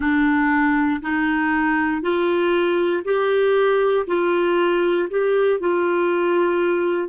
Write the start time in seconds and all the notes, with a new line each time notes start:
0.00 D4
1.02 D#4
2.02 F4
3.04 G4
4.07 F4
5.09 G4
5.60 F4